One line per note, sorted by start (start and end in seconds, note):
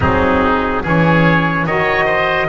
0.00 0.84 F#3
0.00 0.82 C4
0.00 0.82 D#4
0.00 0.85 G#4
0.82 1.65 E3
0.82 1.67 C#4
0.82 1.66 G#4
0.82 1.66 C#5
1.65 2.48 D#3
1.65 2.48 F#4
1.65 2.05 C#5
1.65 2.48 D#5
2.05 2.47 C5